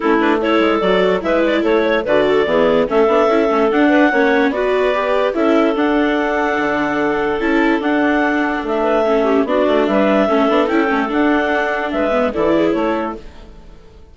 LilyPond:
<<
  \new Staff \with { instrumentName = "clarinet" } { \time 4/4 \tempo 4 = 146 a'8 b'8 cis''4 d''4 e''8 d''8 | cis''4 d''2 e''4~ | e''4 fis''2 d''4~ | d''4 e''4 fis''2~ |
fis''2 a''4 fis''4~ | fis''4 e''2 d''4 | e''2 g''4 fis''4~ | fis''4 e''4 d''4 cis''4 | }
  \new Staff \with { instrumentName = "clarinet" } { \time 4/4 e'4 a'2 b'4 | a'8 cis''8 b'8 a'8 gis'4 a'4~ | a'4. b'8 cis''4 b'4~ | b'4 a'2.~ |
a'1~ | a'4. b'8 a'8 g'8 fis'4 | b'4 a'2.~ | a'4 b'4 a'8 gis'8 a'4 | }
  \new Staff \with { instrumentName = "viola" } { \time 4/4 cis'8 d'8 e'4 fis'4 e'4~ | e'4 fis'4 b4 cis'8 d'8 | e'8 cis'8 d'4 cis'4 fis'4 | g'4 e'4 d'2~ |
d'2 e'4 d'4~ | d'2 cis'4 d'4~ | d'4 cis'8 d'8 e'8 cis'8 d'4~ | d'4. b8 e'2 | }
  \new Staff \with { instrumentName = "bassoon" } { \time 4/4 a4. gis8 fis4 gis4 | a4 d4 e4 a8 b8 | cis'8 a8 d'4 ais4 b4~ | b4 cis'4 d'2 |
d2 cis'4 d'4~ | d'4 a2 b8 a8 | g4 a8 b8 cis'8 a8 d'4~ | d'4 gis4 e4 a4 | }
>>